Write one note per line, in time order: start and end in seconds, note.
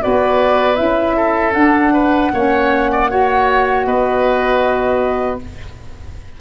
0.00 0.80 B3
0.00 0.74 F#4
0.00 1.16 B4
0.00 0.75 D5
0.74 1.54 C#4
0.74 1.51 E4
0.74 1.52 E5
1.16 1.93 A4
1.53 2.31 D4
1.53 3.83 F#5
1.93 2.31 B4
2.33 3.86 A#3
2.33 3.09 C#4
2.33 2.91 C#5
2.92 3.10 D5
3.09 5.39 F#4
3.09 3.86 C#5
3.85 5.40 B3
3.85 5.40 B4
3.85 5.39 D#5